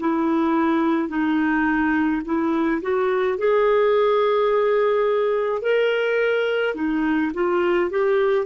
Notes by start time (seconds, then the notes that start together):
0.00 E4
1.09 D#4
2.25 E4
2.83 F#4
3.39 G#4
5.62 A#4
6.75 D#4
7.34 F4
7.90 G4